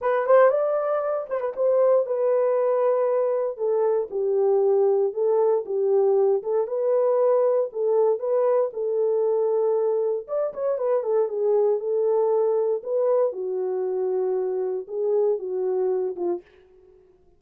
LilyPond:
\new Staff \with { instrumentName = "horn" } { \time 4/4 \tempo 4 = 117 b'8 c''8 d''4. c''16 b'16 c''4 | b'2. a'4 | g'2 a'4 g'4~ | g'8 a'8 b'2 a'4 |
b'4 a'2. | d''8 cis''8 b'8 a'8 gis'4 a'4~ | a'4 b'4 fis'2~ | fis'4 gis'4 fis'4. f'8 | }